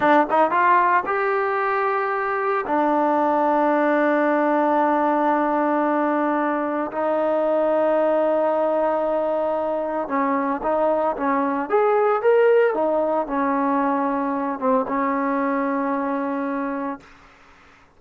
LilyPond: \new Staff \with { instrumentName = "trombone" } { \time 4/4 \tempo 4 = 113 d'8 dis'8 f'4 g'2~ | g'4 d'2.~ | d'1~ | d'4 dis'2.~ |
dis'2. cis'4 | dis'4 cis'4 gis'4 ais'4 | dis'4 cis'2~ cis'8 c'8 | cis'1 | }